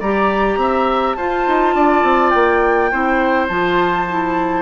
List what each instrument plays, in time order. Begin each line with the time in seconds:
0.00 bassoon G3, clarinet G4, oboe D5, flute A#5
0.57 bassoon C4, oboe E5
1.14 bassoon F4, clarinet F4, oboe C5, flute A5
1.47 bassoon D#4
1.75 bassoon D4, oboe D5
2.03 bassoon C4
2.30 bassoon A#3, flute G5
2.91 bassoon C4, clarinet E4, oboe C5
3.48 bassoon F3, clarinet F4, flute A5
4.10 clarinet E4